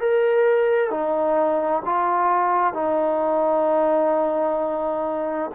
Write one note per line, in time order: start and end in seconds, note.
0.00 0.90 A#4
0.90 1.83 D#4
1.85 2.74 F4
2.74 5.50 D#4